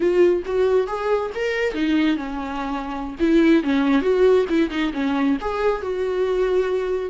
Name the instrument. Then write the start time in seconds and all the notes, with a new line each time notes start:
viola
0.00 F4
0.45 F#4
0.87 G#4
1.35 A#4
1.74 D#4
2.17 C#4
3.19 E4
3.63 C#4
4.01 F#4
4.49 E4
4.70 D#4
4.93 C#4
5.40 G#4
5.81 F#4